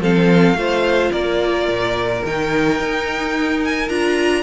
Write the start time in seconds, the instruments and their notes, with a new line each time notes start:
0.00 cello F3, viola C4, violin A4 F5
0.55 cello A3, viola F4, violin C5
1.11 cello A#3, violin A#4 D5
1.68 cello A#2
2.25 cello D#3, viola D#4, violin G5
2.79 cello D#4
3.64 violin G#5
3.89 cello D4, viola F4, violin A#5